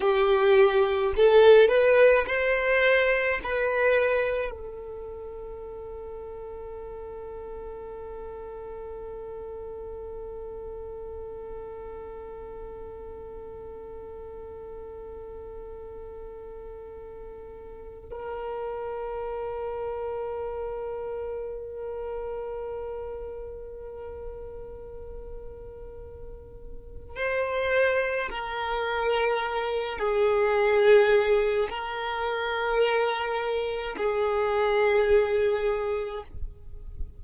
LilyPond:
\new Staff \with { instrumentName = "violin" } { \time 4/4 \tempo 4 = 53 g'4 a'8 b'8 c''4 b'4 | a'1~ | a'1~ | a'1 |
ais'1~ | ais'1 | c''4 ais'4. gis'4. | ais'2 gis'2 | }